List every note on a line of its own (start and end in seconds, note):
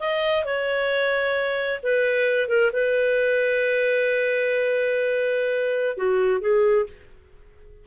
0.00 0.45 D#5
0.45 1.81 C#5
1.83 2.49 B4
2.49 2.71 A#4
2.73 5.98 B4
5.98 6.41 F#4
6.41 6.86 G#4